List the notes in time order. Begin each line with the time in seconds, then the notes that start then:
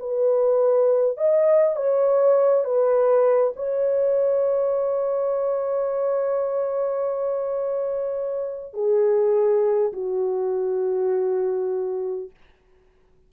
0.00 B4
1.18 D#5
1.77 C#5
2.65 B4
3.56 C#5
8.74 G#4
9.93 F#4